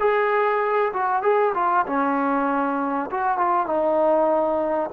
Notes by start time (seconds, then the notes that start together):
0.00 G#4
0.93 F#4
1.23 G#4
1.55 F4
1.86 C#4
3.11 F#4
3.38 F4
3.67 D#4